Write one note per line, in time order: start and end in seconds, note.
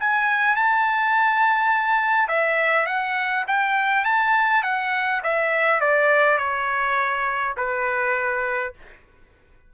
0.00 0.56 G#5
0.56 2.29 A5
2.29 2.86 E5
2.86 3.45 F#5
3.48 4.05 G5
4.05 4.63 A5
4.63 5.22 F#5
5.24 5.81 E5
5.81 6.38 D5
6.38 7.55 C#5
7.58 8.74 B4